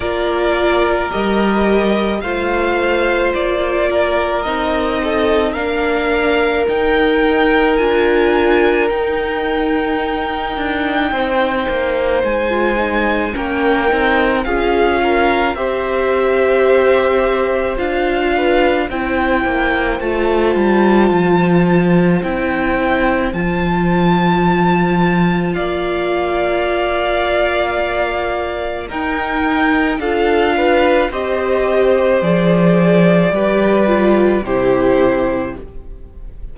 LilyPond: <<
  \new Staff \with { instrumentName = "violin" } { \time 4/4 \tempo 4 = 54 d''4 dis''4 f''4 d''4 | dis''4 f''4 g''4 gis''4 | g''2. gis''4 | g''4 f''4 e''2 |
f''4 g''4 a''2 | g''4 a''2 f''4~ | f''2 g''4 f''4 | dis''4 d''2 c''4 | }
  \new Staff \with { instrumentName = "violin" } { \time 4/4 ais'2 c''4. ais'8~ | ais'8 a'8 ais'2.~ | ais'2 c''2 | ais'4 gis'8 ais'8 c''2~ |
c''8 b'8 c''2.~ | c''2. d''4~ | d''2 ais'4 a'8 b'8 | c''2 b'4 g'4 | }
  \new Staff \with { instrumentName = "viola" } { \time 4/4 f'4 g'4 f'2 | dis'4 d'4 dis'4 f'4 | dis'2.~ dis'16 f'16 dis'8 | cis'8 dis'8 f'4 g'2 |
f'4 e'4 f'2 | e'4 f'2.~ | f'2 dis'4 f'4 | g'4 gis'4 g'8 f'8 e'4 | }
  \new Staff \with { instrumentName = "cello" } { \time 4/4 ais4 g4 a4 ais4 | c'4 ais4 dis'4 d'4 | dis'4. d'8 c'8 ais8 gis4 | ais8 c'8 cis'4 c'2 |
d'4 c'8 ais8 a8 g8 f4 | c'4 f2 ais4~ | ais2 dis'4 d'4 | c'4 f4 g4 c4 | }
>>